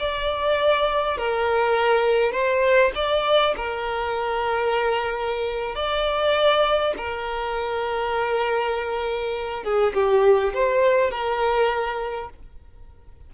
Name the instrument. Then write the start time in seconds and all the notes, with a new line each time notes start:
violin
0.00 D5
1.18 A#4
2.32 C5
2.96 D5
3.57 A#4
5.76 D5
6.98 A#4
9.64 G#4
9.94 G4
10.54 C5
11.11 A#4